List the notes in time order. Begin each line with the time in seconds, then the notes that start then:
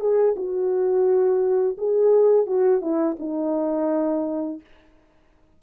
0.00 G#4
0.36 F#4
1.78 G#4
2.47 F#4
2.81 E4
3.20 D#4